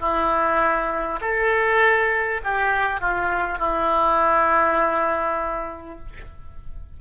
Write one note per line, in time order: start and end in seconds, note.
0.00 1.20 E4
1.21 2.41 A4
2.44 3.01 G4
3.01 3.59 F4
3.59 5.99 E4